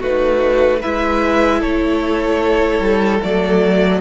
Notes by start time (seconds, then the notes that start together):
0.00 A3 D#4 F#4 B4
0.81 G#3 E4 B4 E5
1.60 A3 A4 C#5
2.80 G3
3.22 F#3 A3 D5